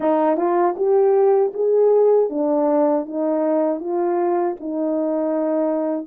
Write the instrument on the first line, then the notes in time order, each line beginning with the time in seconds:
horn
0.00 D#4
0.36 F4
0.76 G4
1.53 G#4
2.29 D4
3.06 D#4
3.80 F4
4.59 D#4